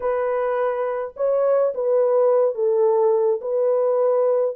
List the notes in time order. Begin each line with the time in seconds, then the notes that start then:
0.00 B4
1.16 C#5
1.74 B4
2.54 A4
3.41 B4